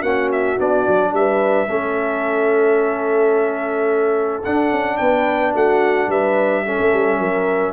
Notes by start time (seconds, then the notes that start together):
0.00 A#3 C#4 F#4 F#5
0.32 E5
0.58 B3 D4 D5
0.87 F#3
1.12 G3 B4 E5
1.67 A3 C#4 A4
4.44 D4 F#5
4.71 C#4
4.97 B3 B4 G5
5.53 A3 F#4 F#5
6.07 G3 B4 E5
6.65 C#4 A4
6.79 A3
6.93 G3
7.19 F#3 A#4